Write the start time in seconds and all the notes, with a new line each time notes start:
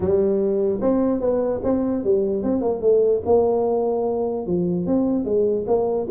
0.00 G3
0.81 C4
1.20 B3
1.63 C4
2.03 G3
2.43 C4
2.61 A#3
2.81 A3
3.25 A#3
4.46 F3
4.86 C4
5.24 G#3
5.67 A#3